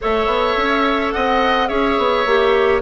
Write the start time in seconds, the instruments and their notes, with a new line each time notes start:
0.01 bassoon A3, clarinet A4, oboe C#5, flute E5
0.26 bassoon B3
0.56 bassoon C#4
1.12 bassoon C4, oboe D#5, flute F#5
1.67 bassoon C#4, clarinet G#4, oboe C#5, flute E5
1.98 bassoon B3
2.25 bassoon A#3, clarinet G4